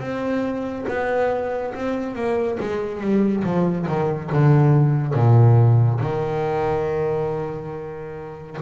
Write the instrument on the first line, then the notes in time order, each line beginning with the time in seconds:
double bass
0.00 C4
0.88 B3
1.75 C4
2.15 A#3
2.60 G#3
3.01 G3
3.44 F3
3.88 D#3
4.32 D3
5.14 A#2
6.00 D#3